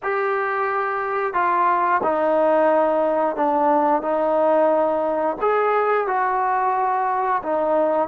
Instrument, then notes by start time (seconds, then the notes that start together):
trombone
0.02 G4
1.33 F4
2.03 D#4
3.36 D4
4.01 D#4
5.41 G#4
6.07 F#4
7.42 D#4